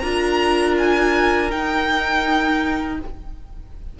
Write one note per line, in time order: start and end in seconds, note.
0.00 1.51 D4
0.00 1.50 F4
0.00 2.98 A#4
0.00 0.74 A#5
0.78 1.51 G#5
1.50 2.98 D#4
1.50 3.00 D#4
1.50 2.99 G5